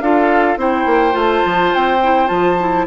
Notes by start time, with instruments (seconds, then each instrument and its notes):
0.00 bassoon D4, clarinet F4, oboe A4, flute F5
0.56 bassoon C4, clarinet E4, oboe C5, flute G5
0.85 bassoon A#3
1.12 bassoon A3, clarinet F4
1.18 flute A5
1.45 bassoon F3
1.74 bassoon C4, flute G5
2.03 clarinet E4
2.26 bassoon F3, clarinet F4, flute A5
2.60 clarinet E4